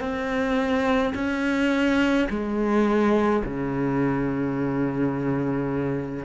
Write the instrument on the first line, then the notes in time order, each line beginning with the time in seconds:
cello
0.00 C4
1.14 C#4
2.30 G#3
3.44 C#3